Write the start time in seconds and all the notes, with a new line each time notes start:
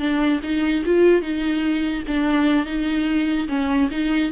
0.00 D4
0.43 D#4
0.86 F4
1.22 D#4
2.07 D4
2.66 D#4
3.49 C#4
3.91 D#4